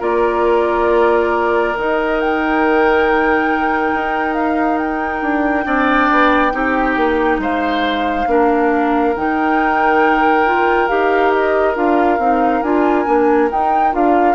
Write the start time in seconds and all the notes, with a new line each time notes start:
0.00 A#3 F4 A#4 D5
1.76 D#3 D#4 D#5
2.21 G5
3.95 D#4
4.34 F5
4.78 G5
5.22 D4
5.65 C4 D4 D5
6.12 B3
6.52 C4 D#4 G4
6.97 A#3
7.39 G#3 C5 F5
8.27 A#3 D4 A#4
9.16 D#3 D#4 G5
10.46 F4
10.89 D#4 G4 F5
11.32 D#5
11.75 D4 F4 F5
12.19 C4 D#4
12.63 D4 F4 G#5
13.06 A#3 D4
13.50 D#4 G5
13.92 D4 F4 F5